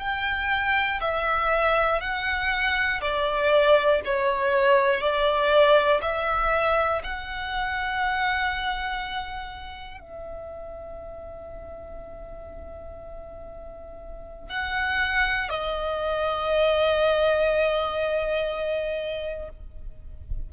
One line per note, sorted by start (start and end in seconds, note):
0.00 1.00 G5
1.00 2.00 E5
2.01 3.01 F#5
3.01 4.01 D5
4.05 5.00 C#5
5.00 6.00 D5
6.01 7.01 E5
7.03 10.00 F#5
10.00 14.50 E5
14.50 15.49 F#5
15.49 19.49 D#5